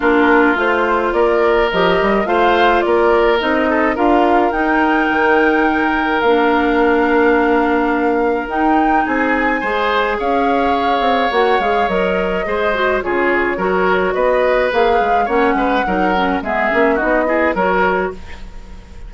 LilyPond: <<
  \new Staff \with { instrumentName = "flute" } { \time 4/4 \tempo 4 = 106 ais'4 c''4 d''4 dis''4 | f''4 d''4 dis''4 f''4 | g''2. f''4~ | f''2. g''4 |
gis''2 f''2 | fis''8 f''8 dis''2 cis''4~ | cis''4 dis''4 f''4 fis''4~ | fis''4 e''4 dis''4 cis''4 | }
  \new Staff \with { instrumentName = "oboe" } { \time 4/4 f'2 ais'2 | c''4 ais'4. a'8 ais'4~ | ais'1~ | ais'1 |
gis'4 c''4 cis''2~ | cis''2 c''4 gis'4 | ais'4 b'2 cis''8 b'8 | ais'4 gis'4 fis'8 gis'8 ais'4 | }
  \new Staff \with { instrumentName = "clarinet" } { \time 4/4 d'4 f'2 g'4 | f'2 dis'4 f'4 | dis'2. d'4~ | d'2. dis'4~ |
dis'4 gis'2. | fis'8 gis'8 ais'4 gis'8 fis'8 f'4 | fis'2 gis'4 cis'4 | dis'8 cis'8 b8 cis'8 dis'8 e'8 fis'4 | }
  \new Staff \with { instrumentName = "bassoon" } { \time 4/4 ais4 a4 ais4 f8 g8 | a4 ais4 c'4 d'4 | dis'4 dis2 ais4~ | ais2. dis'4 |
c'4 gis4 cis'4. c'8 | ais8 gis8 fis4 gis4 cis4 | fis4 b4 ais8 gis8 ais8 gis8 | fis4 gis8 ais8 b4 fis4 | }
>>